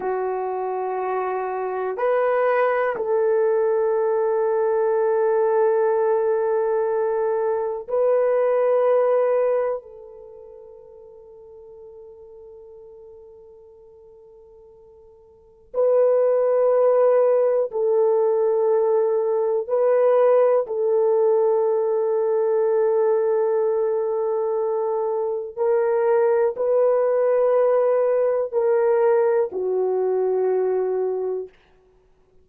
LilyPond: \new Staff \with { instrumentName = "horn" } { \time 4/4 \tempo 4 = 61 fis'2 b'4 a'4~ | a'1 | b'2 a'2~ | a'1 |
b'2 a'2 | b'4 a'2.~ | a'2 ais'4 b'4~ | b'4 ais'4 fis'2 | }